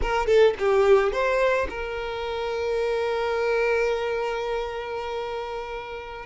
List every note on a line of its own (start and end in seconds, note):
0.01 0.26 A#4
0.26 0.54 A4
0.58 1.12 G4
1.12 1.67 C5
1.69 6.25 A#4